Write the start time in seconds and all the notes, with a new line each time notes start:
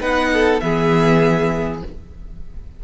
0.00 B3 D#4 B4 F#5
0.33 A4
0.60 E3 B3 G#4 E5